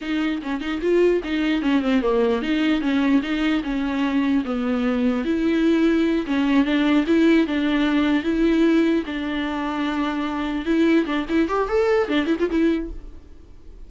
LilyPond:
\new Staff \with { instrumentName = "viola" } { \time 4/4 \tempo 4 = 149 dis'4 cis'8 dis'8 f'4 dis'4 | cis'8 c'8 ais4 dis'4 cis'4 | dis'4 cis'2 b4~ | b4 e'2~ e'8 cis'8~ |
cis'8 d'4 e'4 d'4.~ | d'8 e'2 d'4.~ | d'2~ d'8 e'4 d'8 | e'8 g'8 a'4 d'8 e'16 f'16 e'4 | }